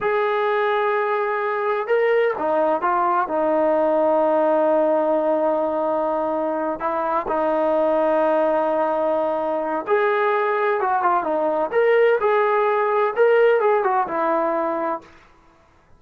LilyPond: \new Staff \with { instrumentName = "trombone" } { \time 4/4 \tempo 4 = 128 gis'1 | ais'4 dis'4 f'4 dis'4~ | dis'1~ | dis'2~ dis'8 e'4 dis'8~ |
dis'1~ | dis'4 gis'2 fis'8 f'8 | dis'4 ais'4 gis'2 | ais'4 gis'8 fis'8 e'2 | }